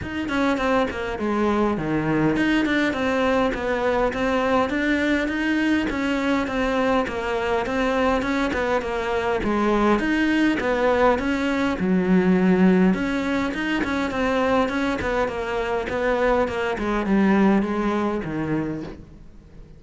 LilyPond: \new Staff \with { instrumentName = "cello" } { \time 4/4 \tempo 4 = 102 dis'8 cis'8 c'8 ais8 gis4 dis4 | dis'8 d'8 c'4 b4 c'4 | d'4 dis'4 cis'4 c'4 | ais4 c'4 cis'8 b8 ais4 |
gis4 dis'4 b4 cis'4 | fis2 cis'4 dis'8 cis'8 | c'4 cis'8 b8 ais4 b4 | ais8 gis8 g4 gis4 dis4 | }